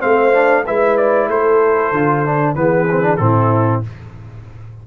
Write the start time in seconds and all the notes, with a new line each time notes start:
0.00 A3 C4 C5 F5
0.32 D4
0.66 G#3 E4 B4 E5
0.97 D5
1.28 A3 A4 C5
1.92 D3 F4
2.26 D4
2.55 E3 B3 G#4 B4
2.91 C4
3.02 D4
3.17 A2 C4 A4
3.23 E4